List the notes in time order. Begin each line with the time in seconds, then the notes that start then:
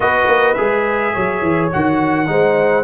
0.00 B3 F#4 B4 D#5
0.27 A#3
0.54 G#3 G#4 E5
1.13 F#3 C#5
1.42 E3
1.72 D#3 F#4 F#5
2.26 G#3 D#4 C5